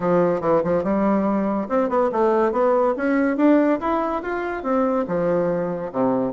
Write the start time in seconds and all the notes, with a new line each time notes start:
0.00 F3
0.41 E3
0.63 F3
0.83 G3
1.68 C4
1.89 B3
2.11 A3
2.52 B3
2.96 C#4
3.36 D4
3.80 E4
4.22 F4
4.63 C4
5.07 F3
5.92 C3